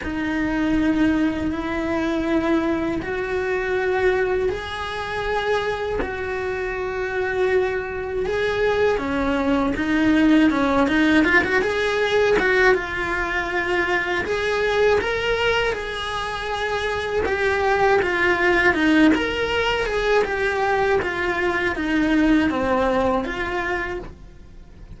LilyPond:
\new Staff \with { instrumentName = "cello" } { \time 4/4 \tempo 4 = 80 dis'2 e'2 | fis'2 gis'2 | fis'2. gis'4 | cis'4 dis'4 cis'8 dis'8 f'16 fis'16 gis'8~ |
gis'8 fis'8 f'2 gis'4 | ais'4 gis'2 g'4 | f'4 dis'8 ais'4 gis'8 g'4 | f'4 dis'4 c'4 f'4 | }